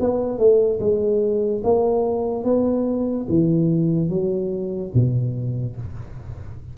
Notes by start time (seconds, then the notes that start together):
0.00 B3
0.38 A3
0.80 G#3
1.64 A#3
2.44 B3
3.29 E3
4.09 F#3
4.94 B2